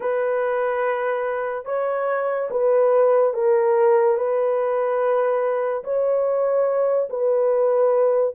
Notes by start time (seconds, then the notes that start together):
0.00 B4
1.65 C#5
2.50 B4
3.33 A#4
4.17 B4
5.83 C#5
7.09 B4